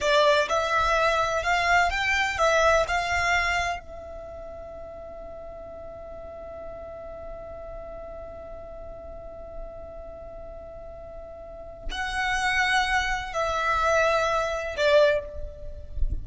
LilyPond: \new Staff \with { instrumentName = "violin" } { \time 4/4 \tempo 4 = 126 d''4 e''2 f''4 | g''4 e''4 f''2 | e''1~ | e''1~ |
e''1~ | e''1~ | e''4 fis''2. | e''2. d''4 | }